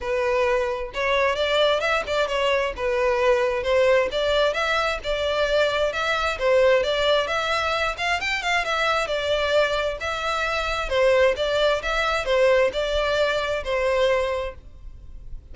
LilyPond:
\new Staff \with { instrumentName = "violin" } { \time 4/4 \tempo 4 = 132 b'2 cis''4 d''4 | e''8 d''8 cis''4 b'2 | c''4 d''4 e''4 d''4~ | d''4 e''4 c''4 d''4 |
e''4. f''8 g''8 f''8 e''4 | d''2 e''2 | c''4 d''4 e''4 c''4 | d''2 c''2 | }